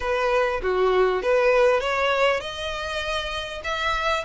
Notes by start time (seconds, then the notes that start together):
0.00 B4
0.62 F#4
1.22 B4
1.80 C#5
2.40 D#5
3.64 E5